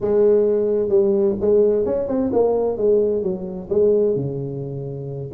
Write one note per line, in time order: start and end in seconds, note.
0.01 0.88 G#3
0.88 1.34 G3
1.41 1.85 G#3
1.85 2.08 C#4
2.08 2.31 C4
2.32 2.77 A#3
2.77 3.22 G#3
3.22 3.69 F#3
3.69 4.15 G#3
4.15 5.31 C#3